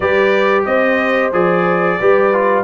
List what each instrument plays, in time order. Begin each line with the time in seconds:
0.00 tuba G3, trombone G4, horn B4, trumpet D5
0.65 tuba C4, horn C5, trumpet D#5
1.32 tuba F3, trombone G#4, trumpet D5
2.00 tuba G3, trombone G4, horn B4
2.33 trombone F4